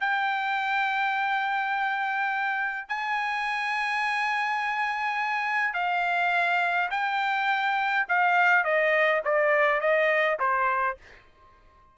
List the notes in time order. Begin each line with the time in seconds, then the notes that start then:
0.00 G5
2.88 G#5
5.74 F5
6.90 G5
8.08 F5
8.64 D#5
9.24 D5
9.80 D#5
10.39 C5